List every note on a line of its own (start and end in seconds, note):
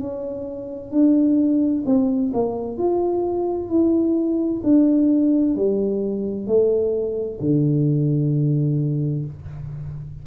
0.00 0.91 C#4
0.91 1.84 D4
1.86 2.32 C4
2.34 2.78 A#3
2.78 3.70 F4
3.70 4.62 E4
4.64 5.56 D4
5.56 6.47 G3
6.47 7.40 A3
7.41 9.26 D3